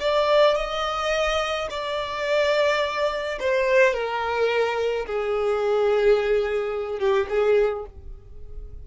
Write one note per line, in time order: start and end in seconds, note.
0.00 0.56 D5
0.56 1.68 D#5
1.71 3.39 D5
3.40 3.94 C5
3.94 5.06 A#4
5.06 6.99 G#4
6.99 7.27 G4
7.30 7.86 G#4